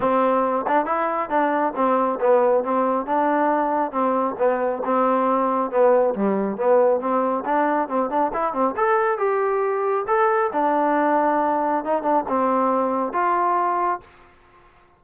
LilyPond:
\new Staff \with { instrumentName = "trombone" } { \time 4/4 \tempo 4 = 137 c'4. d'8 e'4 d'4 | c'4 b4 c'4 d'4~ | d'4 c'4 b4 c'4~ | c'4 b4 g4 b4 |
c'4 d'4 c'8 d'8 e'8 c'8 | a'4 g'2 a'4 | d'2. dis'8 d'8 | c'2 f'2 | }